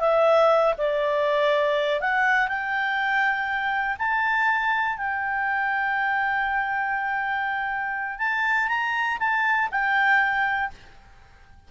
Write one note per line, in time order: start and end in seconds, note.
0.00 0.74 E5
0.78 2.01 D5
2.01 2.48 F#5
2.48 3.97 G5
3.99 4.97 A5
4.97 8.19 G5
8.19 8.68 A5
8.68 9.18 A#5
9.20 9.69 A5
9.72 10.71 G5